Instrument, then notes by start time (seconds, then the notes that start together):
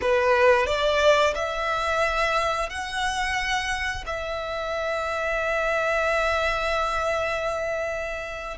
violin
0.01 B4
0.66 D5
1.35 E5
2.69 F#5
4.06 E5